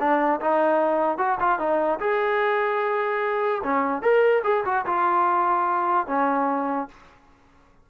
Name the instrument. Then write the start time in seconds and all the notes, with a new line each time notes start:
trombone
0.00 D4
0.41 D#4
1.18 F#4
1.40 F4
1.59 D#4
2.00 G#4
3.64 C#4
4.02 A#4
4.44 G#4
4.66 F#4
4.86 F4
6.08 C#4